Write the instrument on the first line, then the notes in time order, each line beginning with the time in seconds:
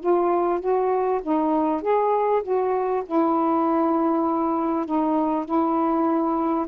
saxophone
0.00 F4
0.60 F#4
1.23 D#4
1.82 G#4
2.43 F#4
3.06 E4
4.86 D#4
5.45 E4